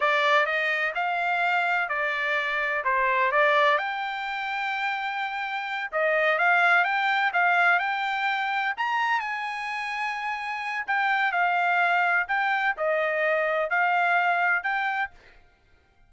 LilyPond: \new Staff \with { instrumentName = "trumpet" } { \time 4/4 \tempo 4 = 127 d''4 dis''4 f''2 | d''2 c''4 d''4 | g''1~ | g''8 dis''4 f''4 g''4 f''8~ |
f''8 g''2 ais''4 gis''8~ | gis''2. g''4 | f''2 g''4 dis''4~ | dis''4 f''2 g''4 | }